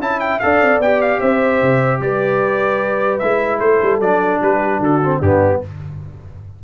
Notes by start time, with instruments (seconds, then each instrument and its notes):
0.00 tuba C#4, trombone E4, horn E5, trumpet A5
0.20 trumpet G5
0.39 tuba D4, trombone A4, horn D5, trumpet F5
0.61 tuba C4
0.78 tuba B3, trombone G4, trumpet G5
1.01 trumpet F5
1.19 tuba C4, horn C5, trumpet E5
1.62 tuba C3
2.00 tuba G3, horn B4, trumpet D5
3.18 tuba G#3, trombone E4, trumpet E5
3.59 tuba A3, horn A4, trumpet C5
3.82 tuba G3
3.99 tuba F#3, trombone D4, trumpet D5
4.42 tuba G3, horn G4, trumpet B4
4.79 tuba D3, horn F#4, trumpet A4
5.03 trombone C4
5.19 tuba G2, trombone B3, horn D4, trumpet G4